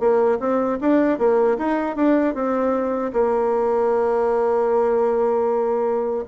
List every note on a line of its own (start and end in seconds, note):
0.00 0.39 A#3
0.40 0.79 C4
0.81 1.19 D4
1.19 1.58 A#3
1.58 1.97 D#4
1.97 2.35 D4
2.35 3.13 C4
3.13 6.25 A#3